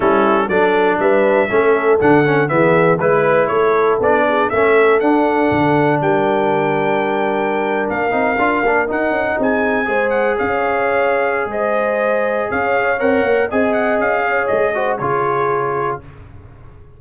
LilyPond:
<<
  \new Staff \with { instrumentName = "trumpet" } { \time 4/4 \tempo 4 = 120 a'4 d''4 e''2 | fis''4 e''4 b'4 cis''4 | d''4 e''4 fis''2 | g''2.~ g''8. f''16~ |
f''4.~ f''16 fis''4 gis''4~ gis''16~ | gis''16 fis''8 f''2~ f''16 dis''4~ | dis''4 f''4 fis''4 gis''8 fis''8 | f''4 dis''4 cis''2 | }
  \new Staff \with { instrumentName = "horn" } { \time 4/4 e'4 a'4 b'4 a'4~ | a'4 gis'4 b'4 a'4~ | a'8 gis'8 a'2. | ais'1~ |
ais'2~ ais'8. gis'4 c''16~ | c''8. cis''2~ cis''16 c''4~ | c''4 cis''2 dis''4~ | dis''8 cis''4 c''8 gis'2 | }
  \new Staff \with { instrumentName = "trombone" } { \time 4/4 cis'4 d'2 cis'4 | d'8 cis'8 b4 e'2 | d'4 cis'4 d'2~ | d'1~ |
d'16 dis'8 f'8 d'8 dis'2 gis'16~ | gis'1~ | gis'2 ais'4 gis'4~ | gis'4. fis'8 f'2 | }
  \new Staff \with { instrumentName = "tuba" } { \time 4/4 g4 fis4 g4 a4 | d4 e4 gis4 a4 | b4 a4 d'4 d4 | g2.~ g8. ais16~ |
ais16 c'8 d'8 ais8 dis'8 cis'8 c'4 gis16~ | gis8. cis'2~ cis'16 gis4~ | gis4 cis'4 c'8 ais8 c'4 | cis'4 gis4 cis2 | }
>>